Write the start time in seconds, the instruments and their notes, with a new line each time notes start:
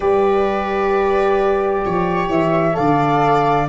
0.00 tuba G3, horn G4, viola B4, flute D5
1.85 tuba F3, viola C#5
2.28 tuba E3, flute E5
2.73 tuba D3, horn A4, viola D5, flute F5